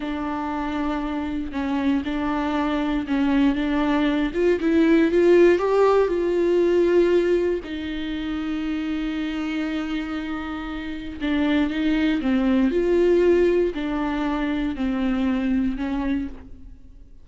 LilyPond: \new Staff \with { instrumentName = "viola" } { \time 4/4 \tempo 4 = 118 d'2. cis'4 | d'2 cis'4 d'4~ | d'8 f'8 e'4 f'4 g'4 | f'2. dis'4~ |
dis'1~ | dis'2 d'4 dis'4 | c'4 f'2 d'4~ | d'4 c'2 cis'4 | }